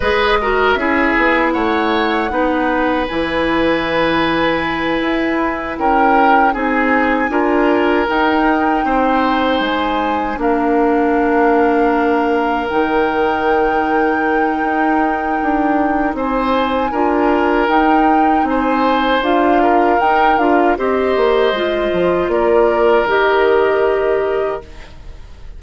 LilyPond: <<
  \new Staff \with { instrumentName = "flute" } { \time 4/4 \tempo 4 = 78 dis''4 e''4 fis''2 | gis''2.~ gis''8 g''8~ | g''8 gis''2 g''4.~ | g''8 gis''4 f''2~ f''8~ |
f''8 g''2.~ g''8~ | g''4 gis''2 g''4 | gis''4 f''4 g''8 f''8 dis''4~ | dis''4 d''4 dis''2 | }
  \new Staff \with { instrumentName = "oboe" } { \time 4/4 b'8 ais'8 gis'4 cis''4 b'4~ | b'2.~ b'8 ais'8~ | ais'8 gis'4 ais'2 c''8~ | c''4. ais'2~ ais'8~ |
ais'1~ | ais'4 c''4 ais'2 | c''4. ais'4. c''4~ | c''4 ais'2. | }
  \new Staff \with { instrumentName = "clarinet" } { \time 4/4 gis'8 fis'8 e'2 dis'4 | e'1~ | e'8 dis'4 f'4 dis'4.~ | dis'4. d'2~ d'8~ |
d'8 dis'2.~ dis'8~ | dis'2 f'4 dis'4~ | dis'4 f'4 dis'8 f'8 g'4 | f'2 g'2 | }
  \new Staff \with { instrumentName = "bassoon" } { \time 4/4 gis4 cis'8 b8 a4 b4 | e2~ e8 e'4 cis'8~ | cis'8 c'4 d'4 dis'4 c'8~ | c'8 gis4 ais2~ ais8~ |
ais8 dis2~ dis8 dis'4 | d'4 c'4 d'4 dis'4 | c'4 d'4 dis'8 d'8 c'8 ais8 | gis8 f8 ais4 dis2 | }
>>